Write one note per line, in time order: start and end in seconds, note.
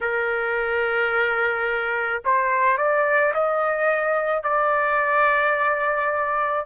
0.00 2.22 A#4
2.24 2.77 C5
2.77 3.33 D5
3.33 4.43 D#5
4.43 6.65 D5